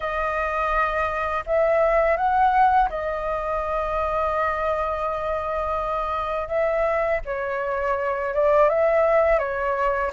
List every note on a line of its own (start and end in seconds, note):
0.00 1.44 D#5
1.46 2.17 E5
2.17 2.89 F#5
2.89 6.48 D#5
6.48 7.20 E5
7.25 8.33 C#5
8.34 8.69 D5
8.69 9.38 E5
9.38 10.11 C#5